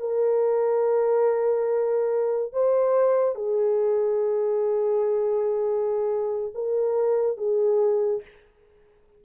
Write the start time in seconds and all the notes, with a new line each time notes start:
0.00 A#4
2.53 C5
3.35 G#4
6.55 A#4
7.37 G#4